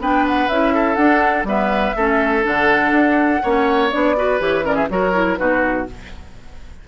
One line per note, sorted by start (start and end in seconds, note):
0.00 0.49 B3
0.00 0.50 D4
0.00 0.74 B4
0.00 0.27 G5
0.27 0.49 F#5
0.49 0.97 C#4
0.49 0.97 E4
0.49 0.95 E5
0.74 1.47 A4
0.95 1.46 D4
0.95 1.44 D4
0.95 1.44 F#5
1.44 1.93 G3
1.44 1.95 B3
1.44 1.96 B4
1.44 2.45 E5
1.96 2.45 A3
1.96 2.43 C#4
1.96 3.42 A4
2.43 2.92 D3
2.43 3.40 D4
2.43 3.91 F#5
2.92 3.41 D4
3.43 3.93 A#3
3.43 3.91 C#4
3.43 4.16 C#5
3.91 4.40 B3
3.91 4.15 D4
3.91 4.40 D5
4.16 4.39 F#4
4.16 4.65 B4
4.39 4.89 E3
4.39 4.63 G4
4.39 4.65 C#5
4.63 4.88 C#4
4.63 4.75 A#4
4.63 4.76 D5
4.75 4.87 G#4
4.75 4.88 E5
4.89 5.39 F#3
4.89 5.13 F#4
4.89 5.39 A#4
4.89 5.37 C#5
5.13 5.37 E4
5.37 5.88 B2
5.37 5.86 D#4
5.37 5.88 F#4
5.37 5.85 B4